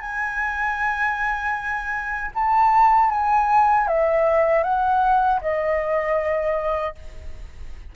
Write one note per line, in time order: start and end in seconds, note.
0.00 2.31 G#5
2.35 3.10 A5
3.10 3.87 G#5
3.87 4.63 E5
4.63 5.40 F#5
5.41 6.95 D#5